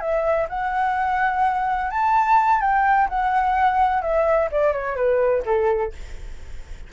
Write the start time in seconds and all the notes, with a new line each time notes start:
0.00 E5
0.49 F#5
1.90 A5
2.61 G5
3.09 F#5
4.02 E5
4.51 D5
4.73 C#5
4.96 B4
5.45 A4